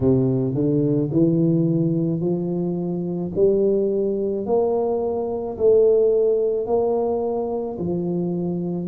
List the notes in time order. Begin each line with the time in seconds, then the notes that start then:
0.00 C3
0.54 D3
1.11 E3
2.20 F3
3.35 G3
4.45 A#3
5.57 A3
6.66 A#3
7.78 F3